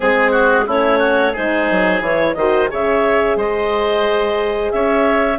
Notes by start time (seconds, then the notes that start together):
0.00 G#3 C4 G#4
0.31 F#4
0.66 A3 C#4 E4 C#5
0.98 F#4
1.32 G#3 D#4 G#4 C5
1.70 F#3
2.00 E3 E4 C#5
2.34 D#3 F#4 C5 D#5
2.68 C#3 G#4 C#5 E5
3.36 G#3 C5 D#5
4.71 C#4 C#5 E5